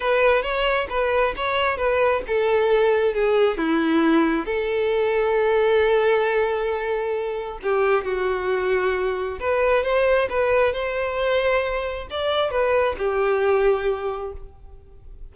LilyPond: \new Staff \with { instrumentName = "violin" } { \time 4/4 \tempo 4 = 134 b'4 cis''4 b'4 cis''4 | b'4 a'2 gis'4 | e'2 a'2~ | a'1~ |
a'4 g'4 fis'2~ | fis'4 b'4 c''4 b'4 | c''2. d''4 | b'4 g'2. | }